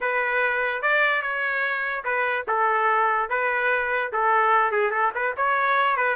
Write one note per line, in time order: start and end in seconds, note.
0.00 0.82 B4
0.82 1.22 D5
1.22 2.04 C#5
2.04 2.45 B4
2.47 3.29 A4
3.29 4.11 B4
4.12 4.71 A4
4.71 4.91 G#4
4.91 5.11 A4
5.14 5.35 B4
5.36 5.96 C#5
5.96 6.16 B4